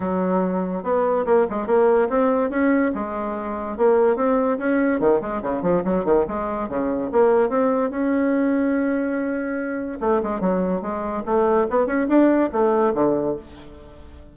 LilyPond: \new Staff \with { instrumentName = "bassoon" } { \time 4/4 \tempo 4 = 144 fis2 b4 ais8 gis8 | ais4 c'4 cis'4 gis4~ | gis4 ais4 c'4 cis'4 | dis8 gis8 cis8 f8 fis8 dis8 gis4 |
cis4 ais4 c'4 cis'4~ | cis'1 | a8 gis8 fis4 gis4 a4 | b8 cis'8 d'4 a4 d4 | }